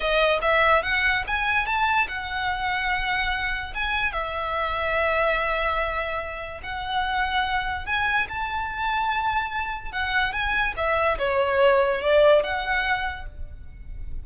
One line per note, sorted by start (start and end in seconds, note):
0.00 0.39 D#5
0.41 0.82 E5
0.82 1.24 F#5
1.27 1.66 G#5
1.66 2.07 A5
2.08 3.73 F#5
3.74 4.12 G#5
4.12 6.60 E5
6.63 7.86 F#5
7.86 8.27 G#5
8.28 9.92 A5
9.92 10.32 F#5
10.32 10.74 G#5
10.76 11.18 E5
11.18 12.01 C#5
12.01 12.42 D5
12.43 13.26 F#5